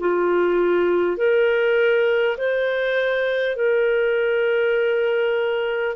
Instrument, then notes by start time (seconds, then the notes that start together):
clarinet
0.00 F4
1.17 A#4
2.37 C5
3.56 A#4